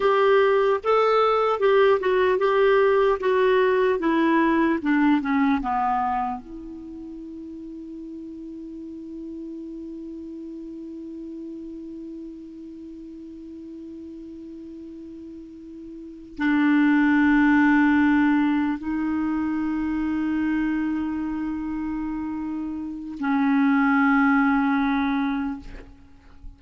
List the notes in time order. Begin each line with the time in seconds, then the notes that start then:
0.00 G4
0.83 A4
1.59 G4
2.00 F#4
2.38 G4
3.20 F#4
3.99 E4
4.82 D4
5.21 C#4
5.61 B3
6.40 E4
16.38 D4
18.78 D#4
23.19 C#4